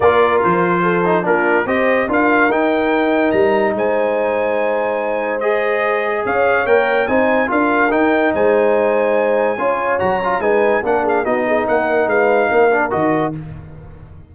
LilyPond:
<<
  \new Staff \with { instrumentName = "trumpet" } { \time 4/4 \tempo 4 = 144 d''4 c''2 ais'4 | dis''4 f''4 g''2 | ais''4 gis''2.~ | gis''4 dis''2 f''4 |
g''4 gis''4 f''4 g''4 | gis''1 | ais''4 gis''4 fis''8 f''8 dis''4 | fis''4 f''2 dis''4 | }
  \new Staff \with { instrumentName = "horn" } { \time 4/4 ais'2 a'4 f'4 | c''4 ais'2.~ | ais'4 c''2.~ | c''2. cis''4~ |
cis''4 c''4 ais'2 | c''2. cis''4~ | cis''4 b'4 ais'8 gis'8 fis'8 gis'8 | ais'4 b'4 ais'2 | }
  \new Staff \with { instrumentName = "trombone" } { \time 4/4 f'2~ f'8 dis'8 d'4 | g'4 f'4 dis'2~ | dis'1~ | dis'4 gis'2. |
ais'4 dis'4 f'4 dis'4~ | dis'2. f'4 | fis'8 f'8 dis'4 d'4 dis'4~ | dis'2~ dis'8 d'8 fis'4 | }
  \new Staff \with { instrumentName = "tuba" } { \time 4/4 ais4 f2 ais4 | c'4 d'4 dis'2 | g4 gis2.~ | gis2. cis'4 |
ais4 c'4 d'4 dis'4 | gis2. cis'4 | fis4 gis4 ais4 b4 | ais4 gis4 ais4 dis4 | }
>>